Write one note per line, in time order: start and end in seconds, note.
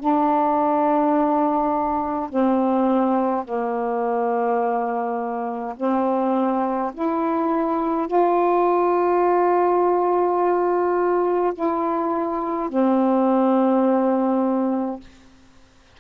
0.00 2.30 D4
2.30 3.45 C4
3.45 5.75 A#3
5.77 6.92 C4
6.94 8.08 E4
8.08 11.54 F4
11.54 12.70 E4
12.70 15.01 C4